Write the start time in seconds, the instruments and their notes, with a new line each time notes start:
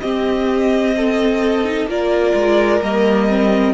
0.00 viola C4, cello C4, violin G4 D#5
0.96 violin A4
1.65 viola D#4
1.86 cello A#3, viola F4, violin A#4 D5
2.34 cello G#3
2.82 cello G3, viola A#3, violin D#5
3.29 viola C4